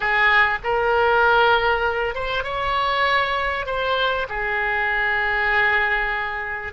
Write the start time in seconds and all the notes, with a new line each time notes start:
0.00 G#4
0.63 A#4
2.15 C5
2.43 C#5
3.66 C5
4.28 G#4